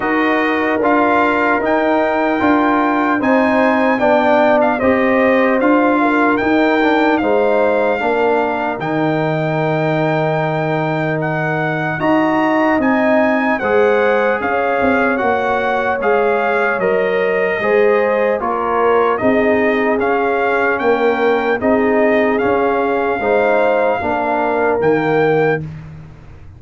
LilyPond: <<
  \new Staff \with { instrumentName = "trumpet" } { \time 4/4 \tempo 4 = 75 dis''4 f''4 g''2 | gis''4 g''8. f''16 dis''4 f''4 | g''4 f''2 g''4~ | g''2 fis''4 ais''4 |
gis''4 fis''4 f''4 fis''4 | f''4 dis''2 cis''4 | dis''4 f''4 g''4 dis''4 | f''2. g''4 | }
  \new Staff \with { instrumentName = "horn" } { \time 4/4 ais'1 | c''4 d''4 c''4. ais'8~ | ais'4 c''4 ais'2~ | ais'2. dis''4~ |
dis''4 c''4 cis''2~ | cis''2 c''4 ais'4 | gis'2 ais'4 gis'4~ | gis'4 c''4 ais'2 | }
  \new Staff \with { instrumentName = "trombone" } { \time 4/4 fis'4 f'4 dis'4 f'4 | dis'4 d'4 g'4 f'4 | dis'8 d'8 dis'4 d'4 dis'4~ | dis'2. fis'4 |
dis'4 gis'2 fis'4 | gis'4 ais'4 gis'4 f'4 | dis'4 cis'2 dis'4 | cis'4 dis'4 d'4 ais4 | }
  \new Staff \with { instrumentName = "tuba" } { \time 4/4 dis'4 d'4 dis'4 d'4 | c'4 b4 c'4 d'4 | dis'4 gis4 ais4 dis4~ | dis2. dis'4 |
c'4 gis4 cis'8 c'8 ais4 | gis4 fis4 gis4 ais4 | c'4 cis'4 ais4 c'4 | cis'4 gis4 ais4 dis4 | }
>>